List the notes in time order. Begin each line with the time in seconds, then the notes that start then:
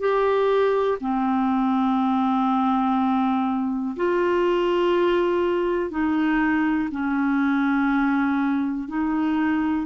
0.00 G4
1.01 C4
3.97 F4
5.91 D#4
6.92 C#4
8.88 D#4